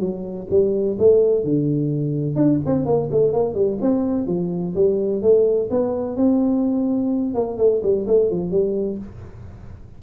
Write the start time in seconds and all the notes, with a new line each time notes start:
0.00 F#3
0.50 G3
0.99 A3
1.44 D3
2.36 D4
2.66 C4
2.85 A#3
3.11 A3
3.33 A#3
3.54 G3
3.81 C4
4.27 F3
4.75 G3
5.22 A3
5.71 B3
6.16 C4
7.34 A#3
7.58 A3
7.83 G3
8.07 A3
8.30 F3
8.51 G3